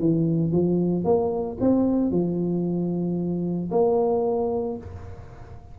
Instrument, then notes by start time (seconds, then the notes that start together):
tuba
0.00 E3
0.52 F3
1.05 A#3
1.61 C4
2.12 F3
3.71 A#3